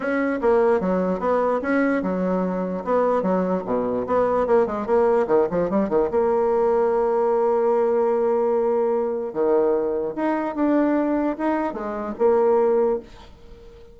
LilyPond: \new Staff \with { instrumentName = "bassoon" } { \time 4/4 \tempo 4 = 148 cis'4 ais4 fis4 b4 | cis'4 fis2 b4 | fis4 b,4 b4 ais8 gis8 | ais4 dis8 f8 g8 dis8 ais4~ |
ais1~ | ais2. dis4~ | dis4 dis'4 d'2 | dis'4 gis4 ais2 | }